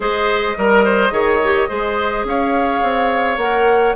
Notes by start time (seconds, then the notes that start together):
0.00 G#3 G#4 C5 D#5
0.57 G3 A#4
0.84 C5
1.10 D#3 G#4 C#5
1.43 G4
1.68 G#3 G#4 C5
2.24 C#4 C#5 F5
2.82 C4
3.37 A#3 A#4 F#5